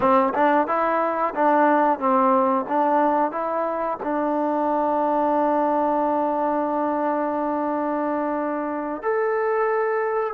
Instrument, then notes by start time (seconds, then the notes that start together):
trombone
0.00 C4
0.34 D4
0.67 E4
1.35 D4
1.98 C4
2.68 D4
3.31 E4
4.03 D4
9.02 A4